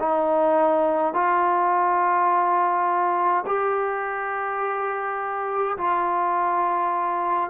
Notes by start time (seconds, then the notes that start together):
0.00 D#4
1.14 F4
3.47 G4
5.78 F4